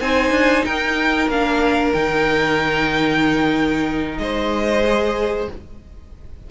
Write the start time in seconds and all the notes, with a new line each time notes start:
0.00 C4 D#4 C5 G#5
0.31 D4
0.64 D#4 A#4 G5
1.28 A#3 D4 F5
1.92 D#3 D#4 G5
4.17 G#3 C5 D#5
4.84 G#4